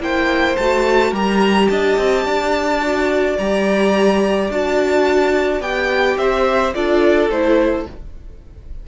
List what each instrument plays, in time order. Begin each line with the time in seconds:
0.00 cello A#3, viola E4, violin C5 G5
0.57 cello A3, viola F#4, violin A5
1.11 cello G3, viola G4, violin A#4 A#5
1.69 cello D4, violin D#5 A5
1.98 cello C4
2.25 cello D4, violin D5
2.82 viola F#4
3.38 cello G3, viola G4, violin A#5
4.50 cello D4, viola F#4, violin A5
5.61 cello B3, viola G4, violin G5
6.18 cello C4, violin C5 E5
6.74 cello D4, viola F4, violin A4 D5
7.30 cello A3, viola E4, violin C5